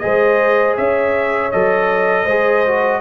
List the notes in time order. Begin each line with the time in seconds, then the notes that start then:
0.00 G#3 G#4 C5 D#5
0.77 C#4 C#5 E5
1.52 F#3 A4 D#5
2.25 G#3 G#4 C5
2.67 F#4